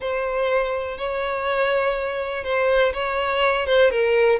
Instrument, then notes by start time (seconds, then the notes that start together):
violin
0.00 C5
0.97 C#5
2.43 C5
2.93 C#5
3.66 C5
3.90 A#4